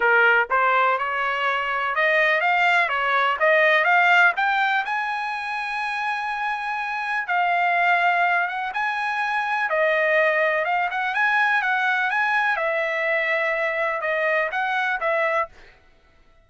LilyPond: \new Staff \with { instrumentName = "trumpet" } { \time 4/4 \tempo 4 = 124 ais'4 c''4 cis''2 | dis''4 f''4 cis''4 dis''4 | f''4 g''4 gis''2~ | gis''2. f''4~ |
f''4. fis''8 gis''2 | dis''2 f''8 fis''8 gis''4 | fis''4 gis''4 e''2~ | e''4 dis''4 fis''4 e''4 | }